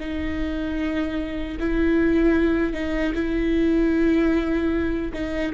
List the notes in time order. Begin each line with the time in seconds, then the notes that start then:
0.00 D#4
1.60 E4
2.73 D#4
3.15 E4
5.14 D#4